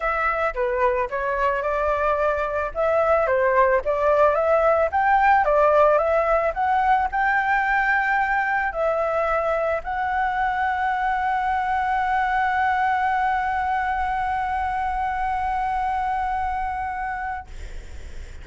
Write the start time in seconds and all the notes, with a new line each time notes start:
0.00 E5
0.54 B4
1.10 C#5
1.62 D5
2.74 E5
3.26 C5
3.84 D5
4.34 E5
4.91 G5
5.44 D5
5.98 E5
6.54 F#5
7.11 G5
8.72 E5
9.83 F#5